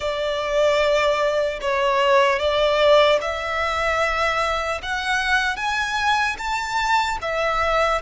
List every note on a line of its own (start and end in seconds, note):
0.00 1.59 D5
1.61 2.39 C#5
2.39 3.19 D5
3.21 4.81 E5
4.82 5.56 F#5
5.56 6.36 G#5
6.38 7.18 A5
7.21 8.01 E5